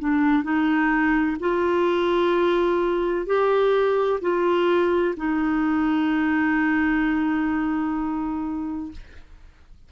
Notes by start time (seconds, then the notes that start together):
0.00 D4
0.43 D#4
1.40 F4
3.26 G4
4.21 F4
5.17 D#4